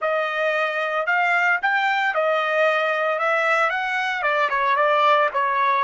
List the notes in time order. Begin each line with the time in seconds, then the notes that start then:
0.01 D#5
1.06 F5
1.62 G5
2.14 D#5
3.18 E5
3.70 F#5
4.22 D5
4.49 C#5
4.75 D5
5.33 C#5